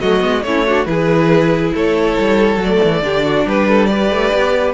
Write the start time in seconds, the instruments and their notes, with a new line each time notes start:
0.00 cello F#3, viola A3, violin F#4 D#5
0.20 cello G#3, viola B3
0.42 cello A3, viola C#4, violin E4 C#5
0.66 viola D4, violin F#4
0.85 cello E3, viola E4, violin G#4 B4
1.74 cello A3, violin A4 C#5
2.18 cello G3
2.56 cello F#3, viola A3
2.62 violin D5
2.83 cello E3
3.01 cello D3, viola D4, violin G4
3.24 violin F#4
3.45 cello G3, violin G4 B4
3.68 violin A4
3.85 viola G4, violin B4 D5
4.10 cello A3
4.33 cello B3